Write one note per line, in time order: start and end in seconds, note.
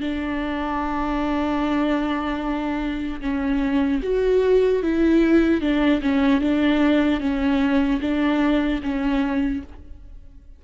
0.00 3.20 D4
3.21 4.01 C#4
4.02 4.82 F#4
4.82 5.61 E4
5.61 6.01 D4
6.01 6.41 C#4
6.41 7.20 D4
7.20 8.00 C#4
8.01 8.81 D4
8.83 9.63 C#4